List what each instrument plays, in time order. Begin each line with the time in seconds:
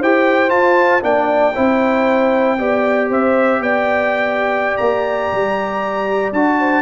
0.00 tuba E4, trombone G4, horn C5, trumpet G5
0.49 trombone F4, tuba F4, trumpet A5
1.01 tuba A#3, trombone D4, horn D5, trumpet G5
1.55 tuba C4, trombone E4, horn C5
2.59 tuba B3, trombone G4, horn D5
3.10 tuba C4, horn C5, trumpet E5
3.60 tuba B3, horn D5, trumpet G5
4.78 tuba A#3, trumpet A#5
5.33 tuba G3
6.33 tuba D4, trombone F#4, trumpet A5
6.59 horn C5